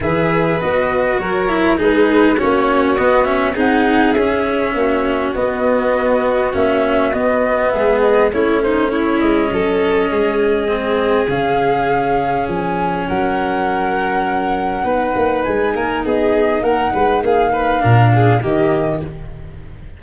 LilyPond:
<<
  \new Staff \with { instrumentName = "flute" } { \time 4/4 \tempo 4 = 101 e''4 dis''4 cis''4 b'4 | cis''4 dis''8 e''8 fis''4 e''4~ | e''4 dis''2 e''4 | dis''4 e''8 dis''8 cis''8 c''8 cis''8 dis''8~ |
dis''2. f''4~ | f''4 gis''4 fis''2~ | fis''2 gis''4 dis''4 | fis''4 f''2 dis''4 | }
  \new Staff \with { instrumentName = "violin" } { \time 4/4 b'2 ais'4 gis'4 | fis'2 gis'2 | fis'1~ | fis'4 gis'4 e'8 dis'8 e'4 |
a'4 gis'2.~ | gis'2 ais'2~ | ais'4 b'4. ais'8 gis'4 | ais'8 b'8 gis'8 b'8 ais'8 gis'8 g'4 | }
  \new Staff \with { instrumentName = "cello" } { \time 4/4 gis'4 fis'4. e'8 dis'4 | cis'4 b8 cis'8 dis'4 cis'4~ | cis'4 b2 cis'4 | b2 cis'2~ |
cis'2 c'4 cis'4~ | cis'1~ | cis'4 dis'2.~ | dis'2 d'4 ais4 | }
  \new Staff \with { instrumentName = "tuba" } { \time 4/4 e4 b4 fis4 gis4 | ais4 b4 c'4 cis'4 | ais4 b2 ais4 | b4 gis4 a4. gis8 |
fis4 gis2 cis4~ | cis4 f4 fis2~ | fis4 b8 ais8 gis8 ais8 b4 | ais8 gis8 ais4 ais,4 dis4 | }
>>